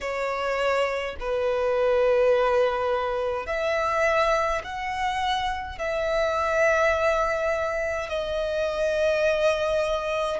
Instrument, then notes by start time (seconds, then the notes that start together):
violin
0.00 C#5
1.20 B4
3.46 E5
4.64 F#5
5.78 E5
8.09 D#5